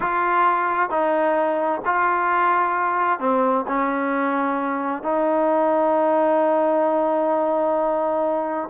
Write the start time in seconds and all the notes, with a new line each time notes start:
0.00 F4
0.89 D#4
1.85 F4
3.19 C4
3.67 C#4
5.02 D#4